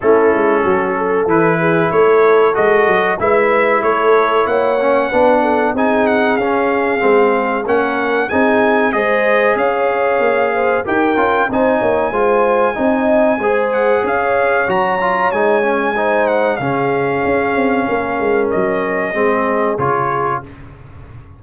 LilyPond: <<
  \new Staff \with { instrumentName = "trumpet" } { \time 4/4 \tempo 4 = 94 a'2 b'4 cis''4 | dis''4 e''4 cis''4 fis''4~ | fis''4 gis''8 fis''8 f''2 | fis''4 gis''4 dis''4 f''4~ |
f''4 g''4 gis''2~ | gis''4. fis''8 f''4 ais''4 | gis''4. fis''8 f''2~ | f''4 dis''2 cis''4 | }
  \new Staff \with { instrumentName = "horn" } { \time 4/4 e'4 fis'8 a'4 gis'8 a'4~ | a'4 b'4 a'4 cis''4 | b'8 a'8 gis'2. | ais'4 gis'4 c''4 cis''4~ |
cis''8 c''8 ais'4 c''8 cis''8 c''4 | dis''4 c''4 cis''2~ | cis''4 c''4 gis'2 | ais'2 gis'2 | }
  \new Staff \with { instrumentName = "trombone" } { \time 4/4 cis'2 e'2 | fis'4 e'2~ e'8 cis'8 | d'4 dis'4 cis'4 c'4 | cis'4 dis'4 gis'2~ |
gis'4 g'8 f'8 dis'4 f'4 | dis'4 gis'2 fis'8 f'8 | dis'8 cis'8 dis'4 cis'2~ | cis'2 c'4 f'4 | }
  \new Staff \with { instrumentName = "tuba" } { \time 4/4 a8 gis8 fis4 e4 a4 | gis8 fis8 gis4 a4 ais4 | b4 c'4 cis'4 gis4 | ais4 c'4 gis4 cis'4 |
ais4 dis'8 cis'8 c'8 ais8 gis4 | c'4 gis4 cis'4 fis4 | gis2 cis4 cis'8 c'8 | ais8 gis8 fis4 gis4 cis4 | }
>>